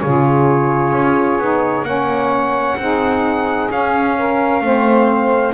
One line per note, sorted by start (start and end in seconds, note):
0.00 0.92 C#3
0.00 1.41 F4
0.00 1.86 G#4
0.00 1.84 C#5
0.92 1.38 C#4
1.38 1.82 B3
1.38 1.84 D#4
1.82 2.75 A#3
1.82 2.77 C#4
1.82 2.78 C#5
1.82 3.69 F#5
2.77 3.69 C4
2.77 3.71 D#4
2.77 4.17 G#4
3.70 4.61 C#4
3.70 5.53 F5
4.17 4.63 A#4
4.61 5.53 A3
4.61 5.53 C4
4.61 5.53 C5